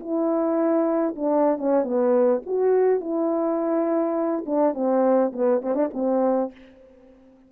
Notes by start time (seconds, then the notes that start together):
0.00 E4
1.16 D4
1.58 C#4
1.84 B3
2.46 F#4
3.01 E4
4.46 D4
4.74 C4
5.33 B3
5.62 C4
5.75 D4
5.94 C4